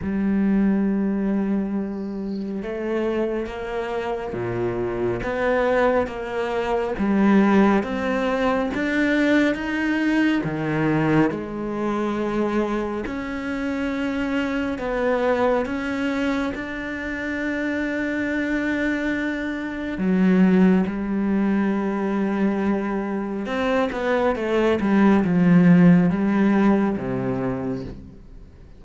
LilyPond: \new Staff \with { instrumentName = "cello" } { \time 4/4 \tempo 4 = 69 g2. a4 | ais4 ais,4 b4 ais4 | g4 c'4 d'4 dis'4 | dis4 gis2 cis'4~ |
cis'4 b4 cis'4 d'4~ | d'2. fis4 | g2. c'8 b8 | a8 g8 f4 g4 c4 | }